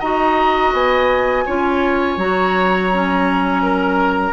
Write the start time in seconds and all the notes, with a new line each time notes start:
0.00 D#4 F#4 D#5 A#5
0.73 B3 G#5
1.46 C#4 F4 C#5
2.17 F#3 F#4 A#5
2.94 C#4
3.63 A#4